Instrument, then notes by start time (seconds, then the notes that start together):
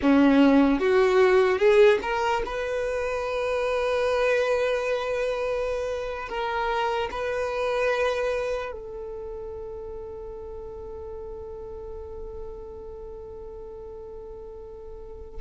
violin
0.02 C#4
0.79 F#4
1.58 G#4
2.02 A#4
2.45 B4
6.28 A#4
7.11 B4
8.72 A4